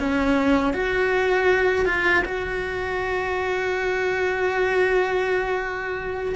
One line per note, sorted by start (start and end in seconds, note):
0.00 0.74 C#4
0.74 1.86 F#4
1.86 2.24 F4
2.25 6.36 F#4